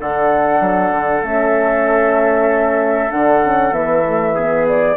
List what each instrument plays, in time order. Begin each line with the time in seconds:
0.00 bassoon D3, horn D4, trumpet A4, flute F#5
0.61 bassoon F#3
0.91 bassoon D3
1.23 bassoon A3, horn C#4, flute E5
3.10 bassoon D3, horn D4, flute F#5
3.44 horn C#4
3.72 bassoon E3, horn B3, flute E5
4.04 horn A3
4.35 horn B3, trumpet G#4
4.68 flute D5